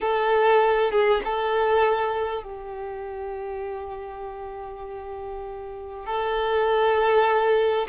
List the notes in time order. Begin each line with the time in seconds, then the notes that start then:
0.00 A4
0.91 G#4
1.24 A4
2.43 G4
6.06 A4